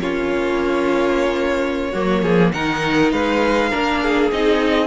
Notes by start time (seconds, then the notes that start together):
0.00 A#3 C#4 F4 C#5
1.91 F#3 A#3 F#4
2.22 F3 G#4
2.52 D#3 D#4 A#4 F#5
3.11 G#3 B4 F5
3.69 A#3 D4 A#4
4.02 G#4
4.31 C4 D#4 D#5